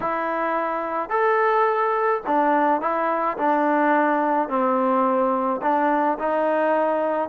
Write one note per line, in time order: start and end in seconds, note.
0.00 1.09 E4
1.09 2.21 A4
2.26 2.81 D4
2.81 3.37 E4
3.37 4.48 D4
4.48 5.60 C4
5.62 6.18 D4
6.19 7.29 D#4